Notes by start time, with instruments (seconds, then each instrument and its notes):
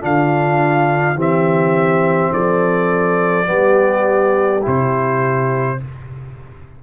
0.00 tuba D3, trombone D4, horn F4, trumpet F5
1.15 tuba E3, trombone C4, horn G4
1.21 trumpet E5
2.33 tuba F3, horn A4, trumpet D5
3.45 tuba G3, trombone B3, horn G4
4.62 tuba C3, trombone E4, trumpet C5